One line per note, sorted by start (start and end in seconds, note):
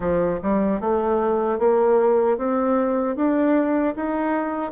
0.00 0.39 F3
0.42 0.80 G3
0.80 1.58 A3
1.58 2.37 A#3
2.37 3.15 C4
3.15 3.94 D4
3.95 4.72 D#4